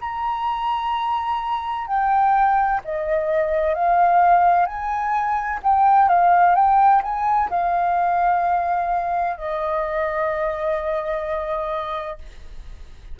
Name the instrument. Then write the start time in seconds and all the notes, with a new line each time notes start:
flute
0.00 A#5
1.87 G5
2.84 D#5
3.74 F5
4.66 G#5
5.62 G5
6.09 F5
6.55 G5
7.03 G#5
7.50 F5
9.37 D#5